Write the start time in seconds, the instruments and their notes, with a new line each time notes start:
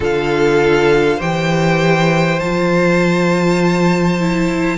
0.00 cello D3, viola F4, violin A4 F5
1.17 cello E3, viola G4, violin C5 G5
2.39 cello F3, viola F4, violin A5
4.20 viola E4